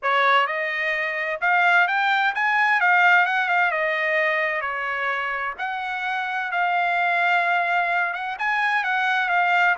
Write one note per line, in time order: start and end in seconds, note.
0.02 0.47 C#5
0.47 1.40 D#5
1.41 1.87 F5
1.87 2.34 G5
2.34 2.80 G#5
2.80 3.25 F5
3.25 3.48 F#5
3.48 3.71 F5
3.71 4.61 D#5
4.61 5.54 C#5
5.58 6.51 F#5
6.51 8.13 F5
8.13 8.36 F#5
8.38 8.84 G#5
8.84 9.29 F#5
9.29 9.75 F5